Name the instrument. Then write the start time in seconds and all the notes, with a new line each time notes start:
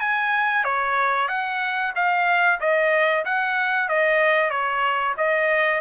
trumpet
0.00 G#5
0.65 C#5
1.28 F#5
1.96 F5
2.60 D#5
3.25 F#5
3.89 D#5
4.50 C#5
5.18 D#5